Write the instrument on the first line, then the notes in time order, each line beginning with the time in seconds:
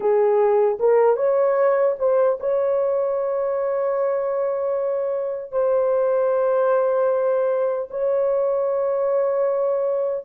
horn
0.00 G#4
0.79 A#4
1.16 C#5
1.98 C5
2.40 C#5
5.51 C5
7.90 C#5